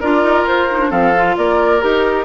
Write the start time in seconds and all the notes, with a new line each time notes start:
0.00 D4 F4 A#4 D5
0.23 D#4
0.43 F4 C5
0.70 D#4
0.80 D4
0.90 F3 C4 A4 F5
1.16 F4
1.37 A#3 A#4 D5
1.80 D#4 G4 A#4